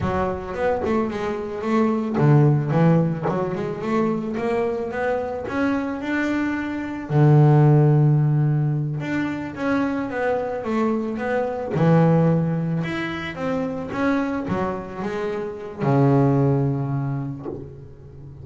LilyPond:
\new Staff \with { instrumentName = "double bass" } { \time 4/4 \tempo 4 = 110 fis4 b8 a8 gis4 a4 | d4 e4 fis8 gis8 a4 | ais4 b4 cis'4 d'4~ | d'4 d2.~ |
d8 d'4 cis'4 b4 a8~ | a8 b4 e2 e'8~ | e'8 c'4 cis'4 fis4 gis8~ | gis4 cis2. | }